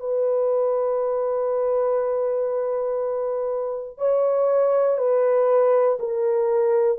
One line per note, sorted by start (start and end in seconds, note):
0.00 3.98 B4
3.98 4.98 C#5
4.98 5.98 B4
6.00 6.99 A#4